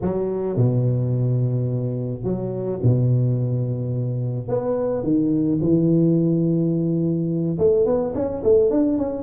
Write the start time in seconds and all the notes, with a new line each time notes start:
0.01 F#3
0.56 B2
2.23 F#3
2.82 B2
4.48 B3
5.03 D#3
5.61 E3
7.58 A3
7.85 B3
8.14 C#4
8.43 A3
8.70 D4
8.97 C#4